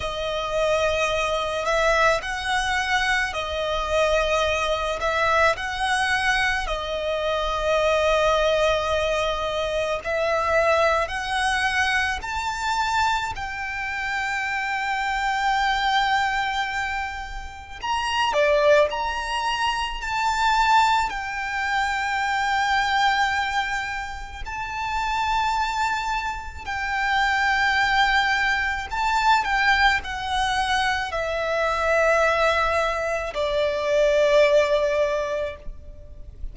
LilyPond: \new Staff \with { instrumentName = "violin" } { \time 4/4 \tempo 4 = 54 dis''4. e''8 fis''4 dis''4~ | dis''8 e''8 fis''4 dis''2~ | dis''4 e''4 fis''4 a''4 | g''1 |
ais''8 d''8 ais''4 a''4 g''4~ | g''2 a''2 | g''2 a''8 g''8 fis''4 | e''2 d''2 | }